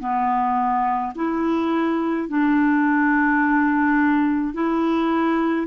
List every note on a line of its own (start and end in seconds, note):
0.00 1.13 B3
1.15 2.28 E4
2.28 4.54 D4
4.54 5.67 E4